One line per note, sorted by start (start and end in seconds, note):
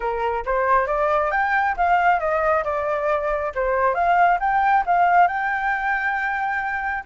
0.00 0.44 A#4
0.45 0.86 C5
0.86 1.31 D5
1.31 1.75 G5
1.76 2.19 F5
2.19 2.63 D#5
2.64 3.52 D5
3.54 3.94 C5
3.94 4.38 F5
4.39 4.83 G5
4.86 5.27 F5
5.27 7.04 G5